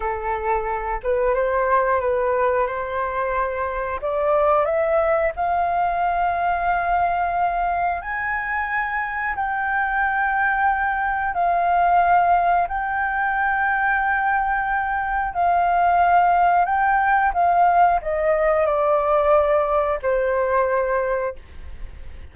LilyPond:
\new Staff \with { instrumentName = "flute" } { \time 4/4 \tempo 4 = 90 a'4. b'8 c''4 b'4 | c''2 d''4 e''4 | f''1 | gis''2 g''2~ |
g''4 f''2 g''4~ | g''2. f''4~ | f''4 g''4 f''4 dis''4 | d''2 c''2 | }